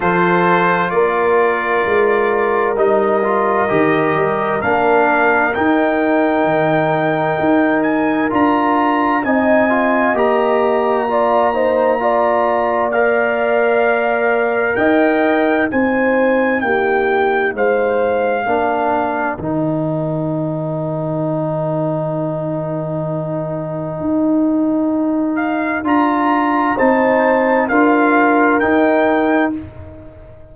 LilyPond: <<
  \new Staff \with { instrumentName = "trumpet" } { \time 4/4 \tempo 4 = 65 c''4 d''2 dis''4~ | dis''4 f''4 g''2~ | g''8 gis''8 ais''4 gis''4 ais''4~ | ais''2 f''2 |
g''4 gis''4 g''4 f''4~ | f''4 g''2.~ | g''2.~ g''8 f''8 | ais''4 a''4 f''4 g''4 | }
  \new Staff \with { instrumentName = "horn" } { \time 4/4 a'4 ais'2.~ | ais'1~ | ais'2 dis''2 | d''8 c''8 d''2. |
dis''4 c''4 g'4 c''4 | ais'1~ | ais'1~ | ais'4 c''4 ais'2 | }
  \new Staff \with { instrumentName = "trombone" } { \time 4/4 f'2. dis'8 f'8 | g'4 d'4 dis'2~ | dis'4 f'4 dis'8 f'8 g'4 | f'8 dis'8 f'4 ais'2~ |
ais'4 dis'2. | d'4 dis'2.~ | dis'1 | f'4 dis'4 f'4 dis'4 | }
  \new Staff \with { instrumentName = "tuba" } { \time 4/4 f4 ais4 gis4 g4 | dis8 g8 ais4 dis'4 dis4 | dis'4 d'4 c'4 ais4~ | ais1 |
dis'4 c'4 ais4 gis4 | ais4 dis2.~ | dis2 dis'2 | d'4 c'4 d'4 dis'4 | }
>>